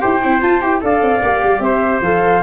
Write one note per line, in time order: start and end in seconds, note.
0.00 0.24 E4
0.00 0.20 G4
0.00 0.81 C5
0.00 0.41 G5
0.24 0.43 C4
0.24 0.42 E4
0.42 0.61 F4
0.42 0.62 F4
0.42 0.61 A5
0.61 0.82 E4
0.61 0.81 G4
0.61 0.81 G5
0.81 1.02 D4
0.81 1.22 A4
0.81 1.64 D5
0.81 1.60 F5
1.02 1.22 C4
1.23 1.43 A#3
1.23 2.04 G4
1.44 1.60 G3
1.60 2.00 C4
1.60 2.43 C5
1.60 2.01 E5
2.01 2.42 F3
2.01 2.43 A4
2.01 2.43 F5